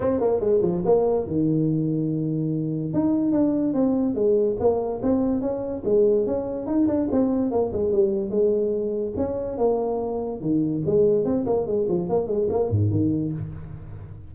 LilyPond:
\new Staff \with { instrumentName = "tuba" } { \time 4/4 \tempo 4 = 144 c'8 ais8 gis8 f8 ais4 dis4~ | dis2. dis'4 | d'4 c'4 gis4 ais4 | c'4 cis'4 gis4 cis'4 |
dis'8 d'8 c'4 ais8 gis8 g4 | gis2 cis'4 ais4~ | ais4 dis4 gis4 c'8 ais8 | gis8 f8 ais8 gis8 ais8 gis,8 dis4 | }